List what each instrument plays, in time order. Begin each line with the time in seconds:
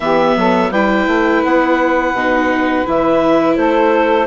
0.00 bassoon E3, viola B3, saxophone G4, clarinet E5
0.36 bassoon F#3, saxophone A4
0.71 bassoon G3, viola E4, saxophone B4, clarinet G5
1.07 bassoon A3
1.43 bassoon B3, clarinet F#5
2.13 bassoon B2, viola D#4
2.85 bassoon E3, viola E4, clarinet E5
3.55 bassoon A3, saxophone A4, clarinet C5